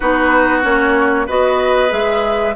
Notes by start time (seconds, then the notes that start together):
0.00 B3 D#4 F#4 B4
0.62 A#3 C#4 C#5
1.26 B3 F#4 B4 D#5
1.89 G#3 G#4 E5